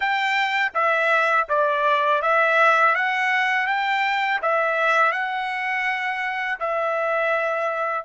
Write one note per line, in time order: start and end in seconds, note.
0.00 0.72 G5
0.74 1.47 E5
1.48 2.22 D5
2.22 2.95 E5
2.95 3.66 F#5
3.66 4.39 G5
4.42 5.12 E5
5.12 6.58 F#5
6.59 8.05 E5